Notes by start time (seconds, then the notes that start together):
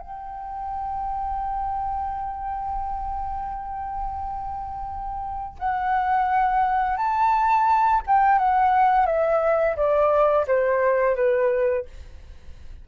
0.00 G5
5.59 F#5
6.97 A5
8.07 G5
8.39 F#5
9.06 E5
9.76 D5
10.47 C5
11.16 B4